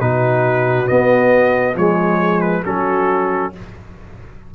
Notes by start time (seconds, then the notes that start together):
0.00 B2 D#4 F#4 B4
0.86 B3 D#5
1.75 F3 G#3 G#4 C#5
2.41 B4
2.63 F#3 C#4 F#4 A4